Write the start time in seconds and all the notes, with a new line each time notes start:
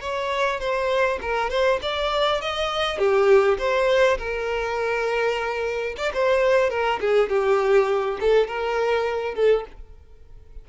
0.00 C#5
0.59 C5
1.21 A#4
1.50 C5
1.81 D5
2.41 D#5
2.98 G4
3.58 C5
4.17 A#4
5.97 D5
6.13 C5
6.70 A#4
7.00 G#4
7.29 G4
8.20 A4
8.47 A#4
9.35 A4